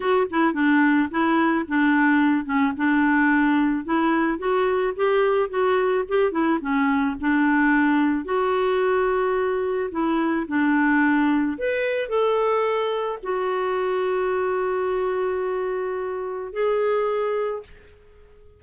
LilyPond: \new Staff \with { instrumentName = "clarinet" } { \time 4/4 \tempo 4 = 109 fis'8 e'8 d'4 e'4 d'4~ | d'8 cis'8 d'2 e'4 | fis'4 g'4 fis'4 g'8 e'8 | cis'4 d'2 fis'4~ |
fis'2 e'4 d'4~ | d'4 b'4 a'2 | fis'1~ | fis'2 gis'2 | }